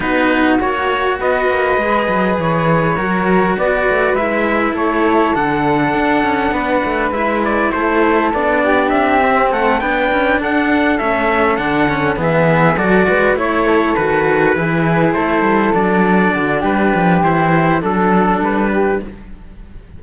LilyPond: <<
  \new Staff \with { instrumentName = "trumpet" } { \time 4/4 \tempo 4 = 101 b'4 cis''4 dis''2 | cis''2 d''4 e''4 | cis''4 fis''2. | e''8 d''8 c''4 d''4 e''4 |
fis''8 g''4 fis''4 e''4 fis''8~ | fis''8 e''4 d''4 cis''4 b'8~ | b'4. c''4 d''4. | b'4 c''4 a'4 b'4 | }
  \new Staff \with { instrumentName = "flute" } { \time 4/4 fis'2 b'2~ | b'4 ais'4 b'2 | a'2. b'4~ | b'4 a'4. g'4. |
a'8 b'4 a'2~ a'8~ | a'8 gis'4 a'8 b'8 cis''8 a'4~ | a'8 gis'4 a'2 fis'8 | g'2 a'4. g'8 | }
  \new Staff \with { instrumentName = "cello" } { \time 4/4 dis'4 fis'2 gis'4~ | gis'4 fis'2 e'4~ | e'4 d'2. | e'2 d'4. c'8~ |
c'8 d'2 cis'4 d'8 | cis'8 b4 fis'4 e'4 fis'8~ | fis'8 e'2 d'4.~ | d'4 e'4 d'2 | }
  \new Staff \with { instrumentName = "cello" } { \time 4/4 b4 ais4 b8 ais8 gis8 fis8 | e4 fis4 b8 a8 gis4 | a4 d4 d'8 cis'8 b8 a8 | gis4 a4 b4 c'4 |
a8 b8 cis'8 d'4 a4 d8~ | d8 e4 fis8 gis8 a4 dis8~ | dis8 e4 a8 g8 fis4 d8 | g8 f8 e4 fis4 g4 | }
>>